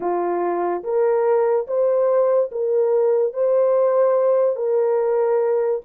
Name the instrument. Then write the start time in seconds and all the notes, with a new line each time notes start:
horn
0.00 F4
0.83 A#4
1.67 C5
2.51 A#4
3.33 C5
4.56 A#4